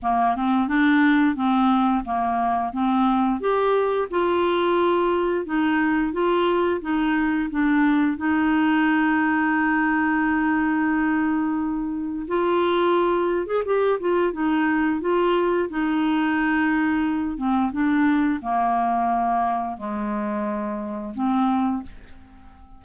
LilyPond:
\new Staff \with { instrumentName = "clarinet" } { \time 4/4 \tempo 4 = 88 ais8 c'8 d'4 c'4 ais4 | c'4 g'4 f'2 | dis'4 f'4 dis'4 d'4 | dis'1~ |
dis'2 f'4.~ f'16 gis'16 | g'8 f'8 dis'4 f'4 dis'4~ | dis'4. c'8 d'4 ais4~ | ais4 gis2 c'4 | }